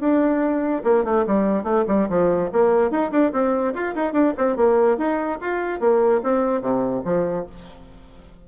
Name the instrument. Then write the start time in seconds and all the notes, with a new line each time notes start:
bassoon
0.00 D4
0.84 A#3
1.04 A3
1.27 G3
1.64 A3
1.88 G3
2.09 F3
2.52 A#3
2.90 D#4
3.11 D4
3.32 C4
3.74 F4
3.95 D#4
4.12 D4
4.37 C4
4.56 A#3
4.97 D#4
5.41 F4
5.80 A#3
6.23 C4
6.61 C3
7.05 F3